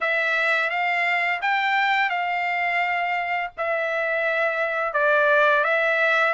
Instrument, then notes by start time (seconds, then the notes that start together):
trumpet
0.00 E5
0.69 F5
1.41 G5
2.09 F5
3.57 E5
4.93 D5
5.64 E5